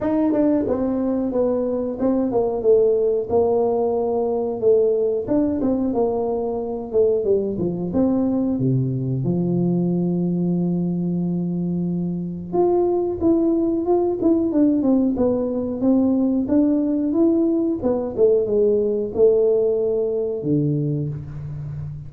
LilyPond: \new Staff \with { instrumentName = "tuba" } { \time 4/4 \tempo 4 = 91 dis'8 d'8 c'4 b4 c'8 ais8 | a4 ais2 a4 | d'8 c'8 ais4. a8 g8 f8 | c'4 c4 f2~ |
f2. f'4 | e'4 f'8 e'8 d'8 c'8 b4 | c'4 d'4 e'4 b8 a8 | gis4 a2 d4 | }